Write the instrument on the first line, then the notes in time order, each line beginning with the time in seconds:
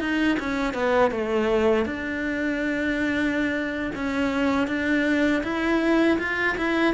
cello
0.00 D#4
0.39 C#4
0.74 B3
1.11 A3
1.85 D4
3.95 C#4
4.67 D4
5.43 E4
6.19 F4
6.57 E4